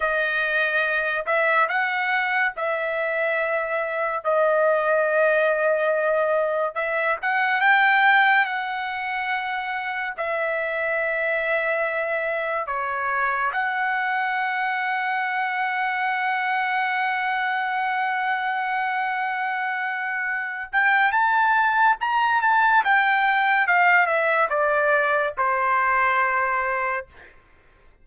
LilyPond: \new Staff \with { instrumentName = "trumpet" } { \time 4/4 \tempo 4 = 71 dis''4. e''8 fis''4 e''4~ | e''4 dis''2. | e''8 fis''8 g''4 fis''2 | e''2. cis''4 |
fis''1~ | fis''1~ | fis''8 g''8 a''4 ais''8 a''8 g''4 | f''8 e''8 d''4 c''2 | }